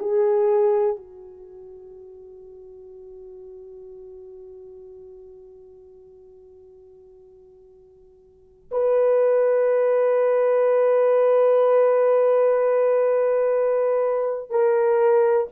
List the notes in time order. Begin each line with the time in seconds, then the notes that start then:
0.00 G#4
0.97 F#4
8.72 B4
14.51 A#4